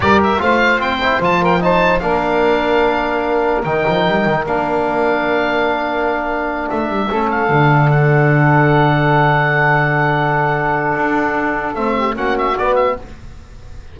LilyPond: <<
  \new Staff \with { instrumentName = "oboe" } { \time 4/4 \tempo 4 = 148 d''8 e''8 f''4 g''4 a''8 g''8 | a''4 f''2.~ | f''4 g''2 f''4~ | f''1~ |
f''8 e''4. f''4. fis''8~ | fis''1~ | fis''1~ | fis''4 e''4 fis''8 e''8 d''8 e''8 | }
  \new Staff \with { instrumentName = "saxophone" } { \time 4/4 ais'4 c''2~ c''8 ais'8 | c''4 ais'2.~ | ais'1~ | ais'1~ |
ais'4. a'2~ a'8~ | a'1~ | a'1~ | a'4. g'8 fis'2 | }
  \new Staff \with { instrumentName = "trombone" } { \time 4/4 g'4 f'4. e'8 f'4 | dis'4 d'2.~ | d'4 dis'2 d'4~ | d'1~ |
d'4. cis'4 d'4.~ | d'1~ | d'1~ | d'4 c'4 cis'4 b4 | }
  \new Staff \with { instrumentName = "double bass" } { \time 4/4 g4 a4 c'4 f4~ | f4 ais2.~ | ais4 dis8 f8 g8 dis8 ais4~ | ais1~ |
ais8 a8 g8 a4 d4.~ | d1~ | d2. d'4~ | d'4 a4 ais4 b4 | }
>>